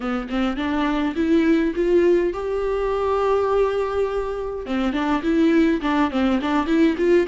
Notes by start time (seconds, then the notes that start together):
0.00 B3
0.29 C4
0.56 D4
1.15 E4
1.75 F4
2.33 G4
4.66 C4
4.92 D4
5.22 E4
5.81 D4
6.11 C4
6.41 D4
6.66 E4
6.97 F4